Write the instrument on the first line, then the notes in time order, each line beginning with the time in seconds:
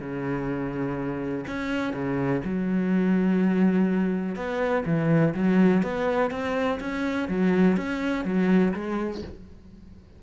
cello
0.00 C#3
1.47 C#4
1.93 C#3
2.44 F#3
4.35 B3
4.85 E3
5.34 F#3
5.83 B3
6.31 C4
6.80 C#4
7.28 F#3
7.77 C#4
8.25 F#3
8.74 G#3